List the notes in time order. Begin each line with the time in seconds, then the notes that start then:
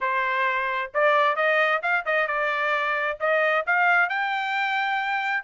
0.00 C5
0.94 D5
1.36 D#5
1.82 F5
2.05 D#5
2.27 D5
3.19 D#5
3.66 F5
4.09 G5